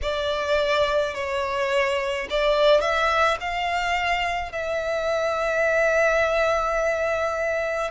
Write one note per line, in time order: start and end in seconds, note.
0.02 1.14 D5
1.14 2.27 C#5
2.30 2.80 D5
2.80 3.37 E5
3.40 4.52 F5
4.52 7.90 E5